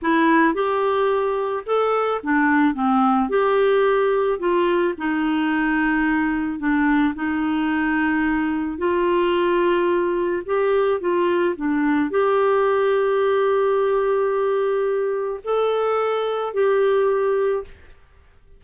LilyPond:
\new Staff \with { instrumentName = "clarinet" } { \time 4/4 \tempo 4 = 109 e'4 g'2 a'4 | d'4 c'4 g'2 | f'4 dis'2. | d'4 dis'2. |
f'2. g'4 | f'4 d'4 g'2~ | g'1 | a'2 g'2 | }